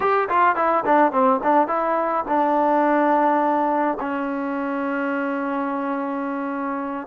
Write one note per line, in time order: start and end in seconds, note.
0.00 0.28 G4
0.29 0.55 F4
0.55 0.83 E4
0.85 1.12 D4
1.12 1.40 C4
1.43 1.67 D4
1.67 2.24 E4
2.28 3.98 D4
4.00 7.07 C#4